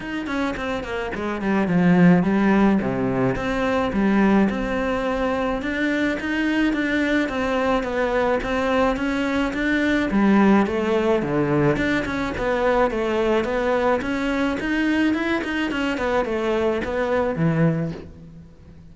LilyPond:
\new Staff \with { instrumentName = "cello" } { \time 4/4 \tempo 4 = 107 dis'8 cis'8 c'8 ais8 gis8 g8 f4 | g4 c4 c'4 g4 | c'2 d'4 dis'4 | d'4 c'4 b4 c'4 |
cis'4 d'4 g4 a4 | d4 d'8 cis'8 b4 a4 | b4 cis'4 dis'4 e'8 dis'8 | cis'8 b8 a4 b4 e4 | }